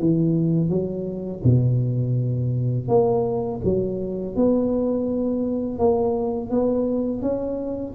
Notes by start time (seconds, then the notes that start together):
0.00 E3
0.70 F#3
1.44 B2
2.88 A#3
3.64 F#3
4.36 B3
5.79 A#3
6.51 B3
7.22 C#4